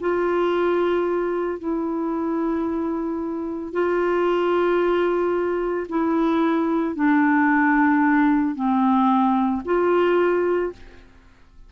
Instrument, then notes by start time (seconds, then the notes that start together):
clarinet
0.00 F4
1.59 E4
3.73 F4
5.89 E4
6.95 D4
8.55 C4
9.65 F4